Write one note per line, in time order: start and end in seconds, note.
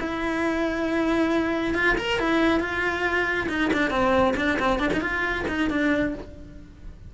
0.00 1.74 E4
1.74 1.96 F4
1.97 2.19 A#4
2.19 2.60 E4
2.60 3.47 F4
3.49 3.71 D#4
3.73 3.90 D4
3.90 4.34 C4
4.36 4.58 D4
4.59 4.79 C4
4.79 4.90 D4
4.93 5.01 D#4
5.01 5.45 F4
5.48 5.70 D#4
5.70 6.14 D4